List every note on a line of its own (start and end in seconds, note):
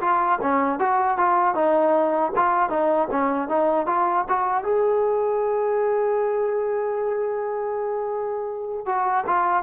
0.00 0.38 F4
0.41 0.79 C#4
0.79 1.17 F#4
1.17 1.55 F4
1.55 2.31 D#4
2.36 2.69 F4
2.69 3.08 D#4
3.10 3.48 C#4
3.48 3.86 D#4
3.86 4.25 F4
4.28 4.63 F#4
4.63 8.86 G#4
8.86 9.24 F#4
9.27 9.63 F4